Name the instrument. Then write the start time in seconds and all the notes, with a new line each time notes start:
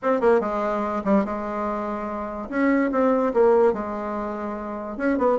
bassoon
0.02 C4
0.20 A#3
0.40 G#3
1.04 G3
1.25 G#3
2.49 C#4
2.91 C4
3.33 A#3
3.73 G#3
4.97 C#4
5.18 B3